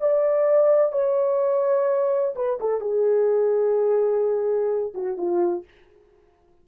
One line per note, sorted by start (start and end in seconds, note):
0.00 0.92 D5
0.92 2.34 C#5
2.35 2.59 B4
2.60 2.80 A4
2.80 4.93 G#4
4.94 5.17 F#4
5.17 5.65 F4